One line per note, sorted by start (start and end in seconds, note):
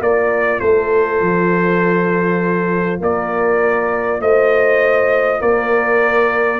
0.00 0.60 A#3
0.00 6.60 F4
0.00 0.61 A#4
0.00 0.59 D5
0.59 1.21 A3
0.59 3.00 A4
0.59 3.00 C5
1.21 3.00 F3
3.00 4.20 A#3
3.00 4.20 A#4
3.00 4.21 D5
4.20 5.40 A3
4.20 5.41 C5
4.20 5.41 D#5
5.41 6.60 A#3
5.41 6.60 A#4
5.41 6.60 D5